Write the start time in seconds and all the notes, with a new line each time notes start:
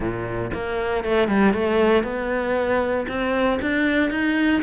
0.00 A#2
0.53 A#3
1.04 A3
1.28 G3
1.53 A3
2.03 B3
3.08 C4
3.61 D4
4.10 D#4